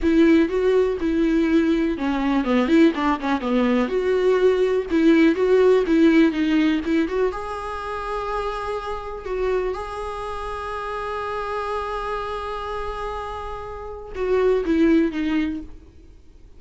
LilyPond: \new Staff \with { instrumentName = "viola" } { \time 4/4 \tempo 4 = 123 e'4 fis'4 e'2 | cis'4 b8 e'8 d'8 cis'8 b4 | fis'2 e'4 fis'4 | e'4 dis'4 e'8 fis'8 gis'4~ |
gis'2. fis'4 | gis'1~ | gis'1~ | gis'4 fis'4 e'4 dis'4 | }